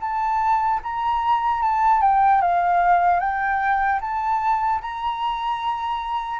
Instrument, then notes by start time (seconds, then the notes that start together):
flute
0.00 A5
0.83 A#5
1.62 A5
2.01 G5
2.41 F5
3.19 G5
4.01 A5
4.81 A#5